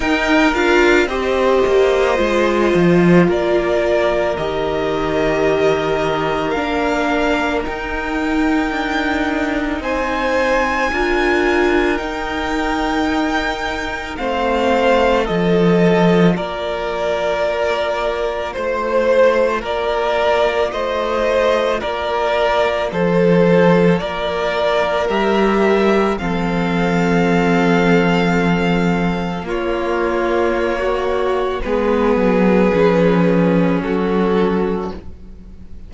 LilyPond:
<<
  \new Staff \with { instrumentName = "violin" } { \time 4/4 \tempo 4 = 55 g''8 f''8 dis''2 d''4 | dis''2 f''4 g''4~ | g''4 gis''2 g''4~ | g''4 f''4 dis''4 d''4~ |
d''4 c''4 d''4 dis''4 | d''4 c''4 d''4 e''4 | f''2. cis''4~ | cis''4 b'2 a'4 | }
  \new Staff \with { instrumentName = "violin" } { \time 4/4 ais'4 c''2 ais'4~ | ais'1~ | ais'4 c''4 ais'2~ | ais'4 c''4 a'4 ais'4~ |
ais'4 c''4 ais'4 c''4 | ais'4 a'4 ais'2 | a'2. f'4~ | f'16 fis'8. gis'2 fis'4 | }
  \new Staff \with { instrumentName = "viola" } { \time 4/4 dis'8 f'8 g'4 f'2 | g'2 d'4 dis'4~ | dis'2 f'4 dis'4~ | dis'4 c'4 f'2~ |
f'1~ | f'2. g'4 | c'2. ais4~ | ais4 b4 cis'2 | }
  \new Staff \with { instrumentName = "cello" } { \time 4/4 dis'8 d'8 c'8 ais8 gis8 f8 ais4 | dis2 ais4 dis'4 | d'4 c'4 d'4 dis'4~ | dis'4 a4 f4 ais4~ |
ais4 a4 ais4 a4 | ais4 f4 ais4 g4 | f2. ais4~ | ais4 gis8 fis8 f4 fis4 | }
>>